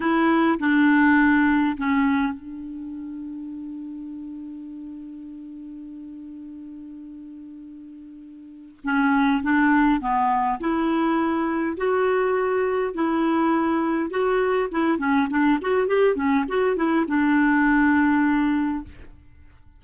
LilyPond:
\new Staff \with { instrumentName = "clarinet" } { \time 4/4 \tempo 4 = 102 e'4 d'2 cis'4 | d'1~ | d'1~ | d'2. cis'4 |
d'4 b4 e'2 | fis'2 e'2 | fis'4 e'8 cis'8 d'8 fis'8 g'8 cis'8 | fis'8 e'8 d'2. | }